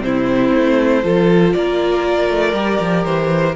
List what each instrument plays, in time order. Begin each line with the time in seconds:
0.00 cello C3, viola C4, violin E4 C5
0.54 cello A3
1.03 cello F3, viola F4, violin A4
1.54 cello A#3, violin A#4 D5
2.30 cello A3
2.54 cello G3, viola G4
2.80 cello F3
3.05 cello E3, violin C5